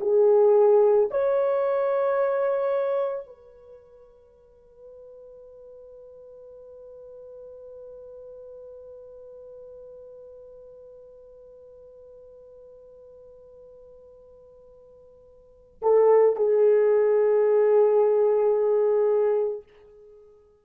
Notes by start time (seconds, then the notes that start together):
0.00 G#4
1.11 C#5
3.26 B4
15.82 A4
16.36 G#4